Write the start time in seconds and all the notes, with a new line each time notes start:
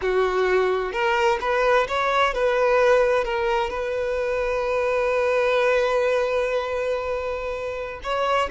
0.01 F#4
0.92 A#4
1.40 B4
1.88 C#5
2.33 B4
3.24 A#4
3.70 B4
8.03 C#5